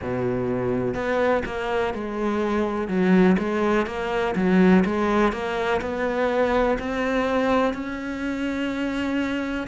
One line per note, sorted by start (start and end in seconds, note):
0.01 0.94 B2
0.94 1.43 B3
1.45 1.94 A#3
1.94 2.88 G#3
2.88 3.36 F#3
3.38 3.86 G#3
3.86 4.35 A#3
4.35 4.84 F#3
4.85 5.32 G#3
5.32 5.81 A#3
5.81 6.77 B3
6.78 7.73 C4
7.73 9.67 C#4